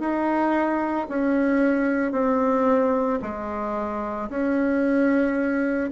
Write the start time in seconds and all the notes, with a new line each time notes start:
0.00 D#4
1.09 C#4
2.12 C4
3.22 G#3
4.30 C#4